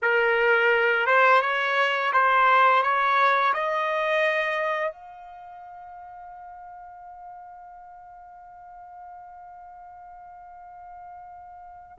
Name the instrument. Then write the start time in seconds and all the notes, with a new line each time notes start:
trumpet
0.02 A#4
1.06 C5
1.41 C#5
2.12 C5
2.82 C#5
3.53 D#5
4.92 F5